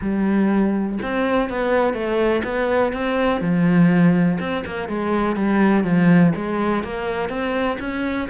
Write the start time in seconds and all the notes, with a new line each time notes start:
0.01 G3
1.02 C4
1.49 B3
1.93 A3
2.44 B3
2.92 C4
3.40 F3
4.39 C4
4.65 A#3
4.88 G#3
5.36 G3
5.83 F3
6.35 G#3
6.83 A#3
7.29 C4
7.79 C#4